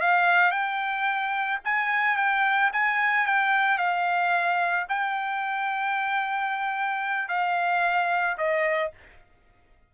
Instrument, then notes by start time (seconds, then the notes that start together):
trumpet
0.00 F5
0.51 G5
1.64 G#5
2.16 G5
2.73 G#5
3.26 G5
3.78 F5
4.88 G5
7.28 F5
8.38 D#5